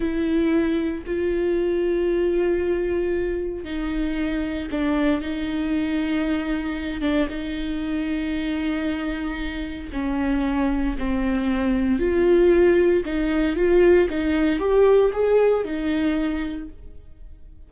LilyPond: \new Staff \with { instrumentName = "viola" } { \time 4/4 \tempo 4 = 115 e'2 f'2~ | f'2. dis'4~ | dis'4 d'4 dis'2~ | dis'4. d'8 dis'2~ |
dis'2. cis'4~ | cis'4 c'2 f'4~ | f'4 dis'4 f'4 dis'4 | g'4 gis'4 dis'2 | }